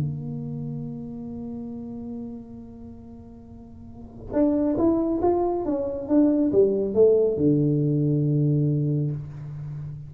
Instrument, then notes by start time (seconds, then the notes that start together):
tuba
0.00 A#3
4.33 D4
4.78 E4
5.22 F4
5.66 C#4
6.08 D4
6.52 G3
6.94 A3
7.37 D3